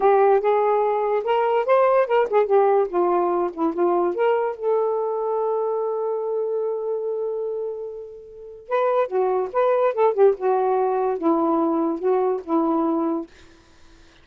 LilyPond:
\new Staff \with { instrumentName = "saxophone" } { \time 4/4 \tempo 4 = 145 g'4 gis'2 ais'4 | c''4 ais'8 gis'8 g'4 f'4~ | f'8 e'8 f'4 ais'4 a'4~ | a'1~ |
a'1~ | a'4 b'4 fis'4 b'4 | a'8 g'8 fis'2 e'4~ | e'4 fis'4 e'2 | }